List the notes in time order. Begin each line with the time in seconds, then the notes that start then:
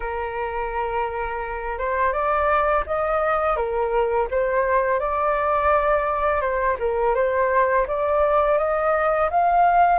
0.00 A#4
1.78 C5
2.12 D5
2.86 D#5
3.56 A#4
4.31 C5
4.99 D5
6.41 C5
6.79 A#4
7.15 C5
7.87 D5
8.58 D#5
9.30 F5